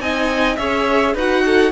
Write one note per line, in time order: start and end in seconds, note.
0.00 0.58 C4
0.00 0.58 D#4
0.00 0.59 D#5
0.00 0.56 G#5
0.56 1.15 C#4
0.56 1.16 G#4
0.56 1.14 C#5
0.56 1.14 E5
1.14 1.72 D#4
1.14 1.72 F#4
1.14 1.43 B4
1.14 1.72 F#5
1.46 1.72 A4